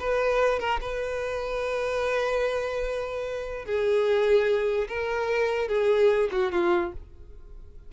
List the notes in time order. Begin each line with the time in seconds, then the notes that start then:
0.00 B4
0.60 A#4
0.81 B4
3.66 G#4
4.88 A#4
5.68 G#4
6.32 F#4
6.52 F4